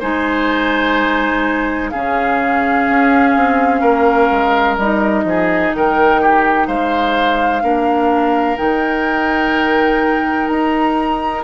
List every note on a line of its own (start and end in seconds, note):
0.00 1.93 G#3
0.00 1.92 D#4
0.00 1.90 C5
0.00 1.90 G#5
1.90 2.89 C#3
1.90 4.80 C#4
1.90 3.81 G#4
1.90 4.76 F5
2.89 3.36 C#4
3.36 3.82 C4
3.81 4.30 A#3
3.81 5.24 A#4
4.31 4.78 G#3
4.78 5.24 G3
4.78 7.62 D#4
4.78 5.73 D#5
5.24 5.72 F3
5.24 5.76 G#4
5.74 6.68 D#3
5.74 6.21 A#4
5.74 6.67 G5
6.21 6.67 G4
6.67 7.62 G#3
6.67 7.63 C5
6.67 8.58 F5
7.62 8.58 A#3
7.62 8.57 D4
7.62 11.44 A#4
8.57 10.49 D#3
8.57 11.42 D#4
8.57 10.48 G5
10.48 11.44 D#4
10.48 11.43 A#5